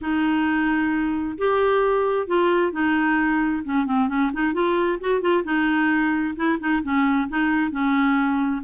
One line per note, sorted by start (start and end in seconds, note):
0.01 1.37 D#4
1.38 2.27 G4
2.27 2.72 F4
2.72 3.63 D#4
3.64 3.86 C#4
3.86 4.08 C4
4.08 4.31 C#4
4.33 4.53 D#4
4.53 4.99 F4
5.00 5.21 F#4
5.21 5.43 F4
5.44 6.35 D#4
6.35 6.58 E4
6.59 6.82 D#4
6.82 7.28 C#4
7.29 7.71 D#4
7.71 8.62 C#4